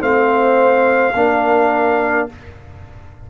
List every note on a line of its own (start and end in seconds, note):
0.00 1.14 A3
0.00 1.13 C4
0.00 1.13 C5
0.00 2.29 F5
1.15 2.28 A#3
1.15 2.29 D4
1.15 2.31 A#4